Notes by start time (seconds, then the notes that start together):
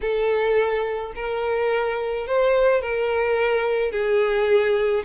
0.01 A4
1.15 A#4
2.26 C5
2.81 A#4
3.91 G#4